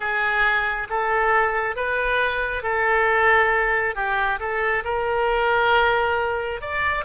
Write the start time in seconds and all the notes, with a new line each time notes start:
0.00 G#4
0.89 A4
1.75 B4
2.62 A4
3.95 G4
4.39 A4
4.84 A#4
6.61 D5